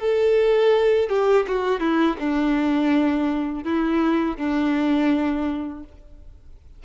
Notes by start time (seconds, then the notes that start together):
0.00 A4
1.09 G4
1.48 F#4
1.80 E4
2.19 D4
3.64 E4
4.37 D4